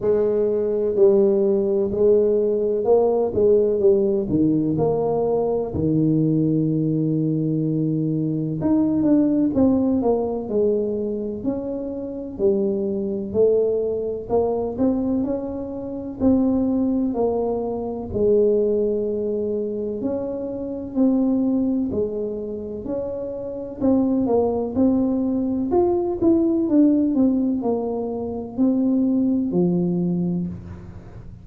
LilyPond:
\new Staff \with { instrumentName = "tuba" } { \time 4/4 \tempo 4 = 63 gis4 g4 gis4 ais8 gis8 | g8 dis8 ais4 dis2~ | dis4 dis'8 d'8 c'8 ais8 gis4 | cis'4 g4 a4 ais8 c'8 |
cis'4 c'4 ais4 gis4~ | gis4 cis'4 c'4 gis4 | cis'4 c'8 ais8 c'4 f'8 e'8 | d'8 c'8 ais4 c'4 f4 | }